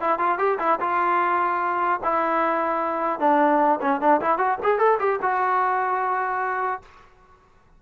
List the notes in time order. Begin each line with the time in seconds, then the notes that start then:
0.00 E4
0.19 F4
0.38 G4
0.59 E4
0.80 F4
2.03 E4
3.19 D4
3.81 C#4
4.01 D4
4.21 E4
4.38 F#4
4.63 G#4
4.78 A4
4.99 G4
5.22 F#4